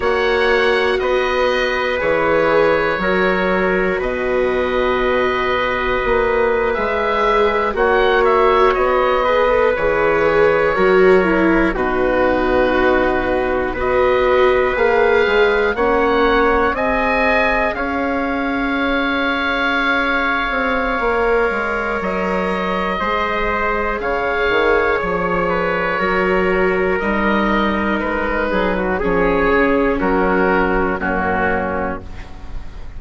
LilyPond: <<
  \new Staff \with { instrumentName = "oboe" } { \time 4/4 \tempo 4 = 60 fis''4 dis''4 cis''2 | dis''2~ dis''8. e''4 fis''16~ | fis''16 e''8 dis''4 cis''2 b'16~ | b'4.~ b'16 dis''4 f''4 fis''16~ |
fis''8. gis''4 f''2~ f''16~ | f''2 dis''2 | f''4 cis''2 dis''4 | b'4 cis''4 ais'4 fis'4 | }
  \new Staff \with { instrumentName = "trumpet" } { \time 4/4 cis''4 b'2 ais'4 | b'2.~ b'8. cis''16~ | cis''4~ cis''16 b'4. ais'4 fis'16~ | fis'4.~ fis'16 b'2 cis''16~ |
cis''8. dis''4 cis''2~ cis''16~ | cis''2. c''4 | cis''4. b'8 ais'2~ | ais'8 gis'16 fis'16 gis'4 fis'4 cis'4 | }
  \new Staff \with { instrumentName = "viola" } { \time 4/4 fis'2 gis'4 fis'4~ | fis'2~ fis'8. gis'4 fis'16~ | fis'4~ fis'16 gis'16 a'16 gis'4 fis'8 e'8 dis'16~ | dis'4.~ dis'16 fis'4 gis'4 cis'16~ |
cis'8. gis'2.~ gis'16~ | gis'4 ais'2 gis'4~ | gis'2 fis'4 dis'4~ | dis'4 cis'2 ais4 | }
  \new Staff \with { instrumentName = "bassoon" } { \time 4/4 ais4 b4 e4 fis4 | b,2 ais8. gis4 ais16~ | ais8. b4 e4 fis4 b,16~ | b,4.~ b,16 b4 ais8 gis8 ais16~ |
ais8. c'4 cis'2~ cis'16~ | cis'8 c'8 ais8 gis8 fis4 gis4 | cis8 dis8 f4 fis4 g4 | gis8 fis8 f8 cis8 fis4 fis,4 | }
>>